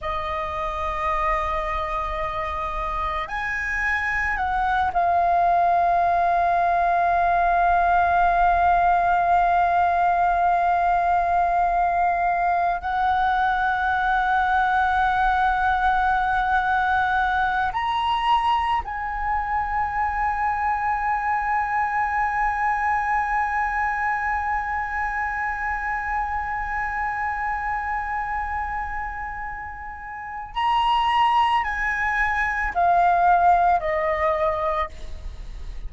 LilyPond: \new Staff \with { instrumentName = "flute" } { \time 4/4 \tempo 4 = 55 dis''2. gis''4 | fis''8 f''2.~ f''8~ | f''2.~ f''8. fis''16~ | fis''1~ |
fis''16 ais''4 gis''2~ gis''8.~ | gis''1~ | gis''1 | ais''4 gis''4 f''4 dis''4 | }